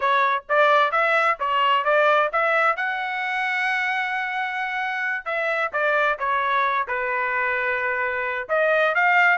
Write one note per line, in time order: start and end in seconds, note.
0.00 0.43 C#5
0.49 0.91 D5
0.91 1.37 E5
1.39 1.84 C#5
1.84 2.30 D5
2.32 2.76 E5
2.76 5.25 F#5
5.25 5.71 E5
5.72 6.18 D5
6.18 6.87 C#5
6.87 8.47 B4
8.49 8.94 D#5
8.94 9.38 F5